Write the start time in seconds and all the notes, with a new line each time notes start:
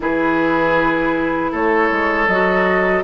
0.00 E3 E4 G#4 B4
1.51 A3 A4 C#5
1.91 G#3
2.27 F#3 F#4 D#5